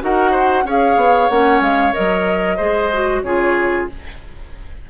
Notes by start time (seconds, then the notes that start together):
0.00 D#4 F#4 A#4 F#5
0.31 C5
0.64 C#4 G#4 C#5 F5
0.96 B3
1.29 A#3 C#4 F#5
1.60 G#3 F5
1.93 F#3 A#4 D#5
2.56 G#3 G#4 C5
2.93 F#4
3.22 C#3 F4 G#4 C#5